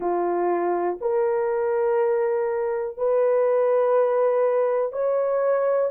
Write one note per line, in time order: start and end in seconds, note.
0.00 0.98 F4
1.01 2.97 A#4
2.97 4.92 B4
4.92 5.90 C#5